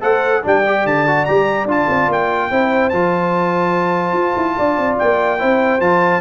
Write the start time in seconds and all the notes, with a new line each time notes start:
0.00 A3 A4 C5 F#5
0.42 G3 D4 D5 G5
0.66 G4
0.85 D3 A5
1.07 F#4
1.24 G3 G4 A#5
1.65 D4 F4 A5
1.88 C4
2.08 A#3 G5
2.50 C4 E4 C5
2.89 F3 F4 A5
4.13 F4
4.36 E4
4.57 D4 D5
4.77 C4
4.98 A#3 G5
5.38 C4 E4 C5
5.80 F3 F4 A5